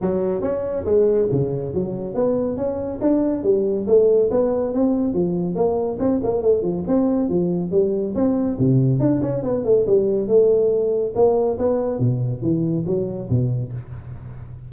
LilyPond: \new Staff \with { instrumentName = "tuba" } { \time 4/4 \tempo 4 = 140 fis4 cis'4 gis4 cis4 | fis4 b4 cis'4 d'4 | g4 a4 b4 c'4 | f4 ais4 c'8 ais8 a8 f8 |
c'4 f4 g4 c'4 | c4 d'8 cis'8 b8 a8 g4 | a2 ais4 b4 | b,4 e4 fis4 b,4 | }